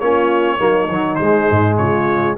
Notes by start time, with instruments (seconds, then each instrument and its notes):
0.00 tuba A#3, trombone C#4, horn F4, trumpet C#5
0.58 tuba F#3, trombone A#3, horn D#4
0.89 tuba D#3, trombone F#3
1.16 tuba G#3, trombone G#3, trumpet C5
1.50 tuba G#2
1.78 tuba C#3, horn F4, trumpet C#5